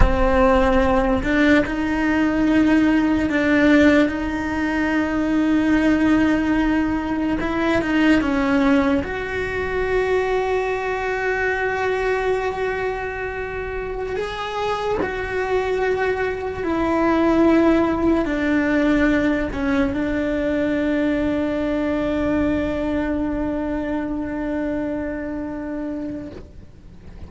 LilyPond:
\new Staff \with { instrumentName = "cello" } { \time 4/4 \tempo 4 = 73 c'4. d'8 dis'2 | d'4 dis'2.~ | dis'4 e'8 dis'8 cis'4 fis'4~ | fis'1~ |
fis'4~ fis'16 gis'4 fis'4.~ fis'16~ | fis'16 e'2 d'4. cis'16~ | cis'16 d'2.~ d'8.~ | d'1 | }